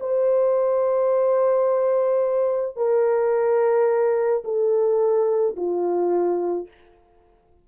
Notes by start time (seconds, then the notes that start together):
0.00 C5
2.77 A#4
4.44 A4
5.57 F4